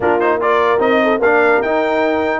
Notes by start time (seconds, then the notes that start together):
0.00 A#3 D4 F4 A#4
0.19 D#4 C5
0.40 F4 A#4 D5
0.78 C4 D#4 D#5
1.03 A4
1.19 A#3 D4 A#4 F5
1.61 D#4 G5